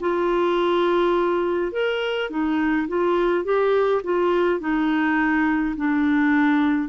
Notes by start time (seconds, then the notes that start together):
0.00 F4
1.72 A#4
2.30 D#4
2.88 F4
3.45 G4
4.04 F4
4.60 D#4
5.76 D4